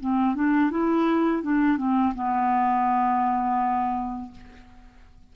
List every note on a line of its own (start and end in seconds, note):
0.00 0.35 C4
0.35 0.70 D4
0.70 1.42 E4
1.42 1.77 D4
1.77 2.13 C4
2.14 4.31 B3